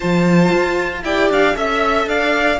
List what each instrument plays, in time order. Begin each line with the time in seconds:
0.00 cello F3, viola F4, violin C5 A5
0.52 cello F4
1.03 cello E4, viola G4, violin D5 G5
1.29 cello D4, violin F5
1.54 cello C#4, viola A4, violin E5
2.06 cello D4, violin D5 F5